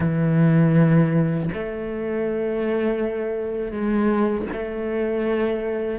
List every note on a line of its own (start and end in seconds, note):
0.00 1.49 E3
1.53 3.71 A3
3.71 4.46 G#3
4.52 5.99 A3